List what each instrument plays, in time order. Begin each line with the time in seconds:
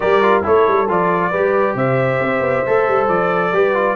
0.00 tuba G3, trombone G4, horn A#4, trumpet D5
0.21 trombone F4
0.43 tuba A3, trombone E4, horn A4, trumpet C#5
0.67 tuba G3
0.88 tuba F3, trombone F4, trumpet D5
1.30 tuba G3, trombone G4, horn B4
1.74 tuba C3, horn C5, trumpet E5
2.20 tuba C4
2.40 tuba B3
2.66 tuba A3, trombone A4
2.87 tuba G3
3.08 tuba F3, trumpet D5
3.52 tuba G3, trombone G4, horn B4
3.74 trombone F4